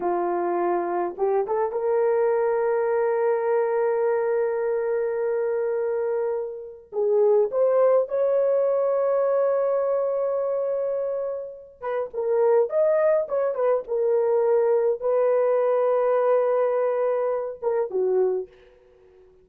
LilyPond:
\new Staff \with { instrumentName = "horn" } { \time 4/4 \tempo 4 = 104 f'2 g'8 a'8 ais'4~ | ais'1~ | ais'1 | gis'4 c''4 cis''2~ |
cis''1~ | cis''8 b'8 ais'4 dis''4 cis''8 b'8 | ais'2 b'2~ | b'2~ b'8 ais'8 fis'4 | }